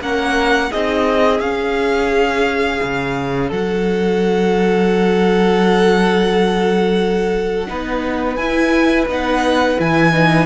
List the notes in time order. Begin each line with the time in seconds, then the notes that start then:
0.00 A#3 C#4 A#4 F#5
0.71 C4 D#4 G#4 D#5
1.40 C#4 F5
2.82 C#3
3.49 F#3 A4 F#5
7.67 B3 D#4 B4
8.35 E4 G#5
9.07 B3 D#4 F#5
9.77 E3 E4 G#5
10.12 D#4